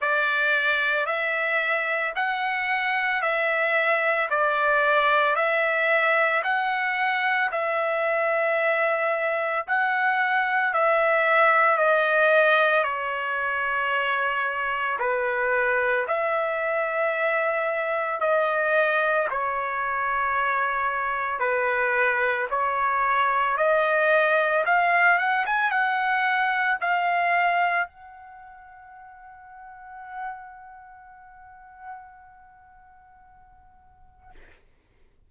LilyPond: \new Staff \with { instrumentName = "trumpet" } { \time 4/4 \tempo 4 = 56 d''4 e''4 fis''4 e''4 | d''4 e''4 fis''4 e''4~ | e''4 fis''4 e''4 dis''4 | cis''2 b'4 e''4~ |
e''4 dis''4 cis''2 | b'4 cis''4 dis''4 f''8 fis''16 gis''16 | fis''4 f''4 fis''2~ | fis''1 | }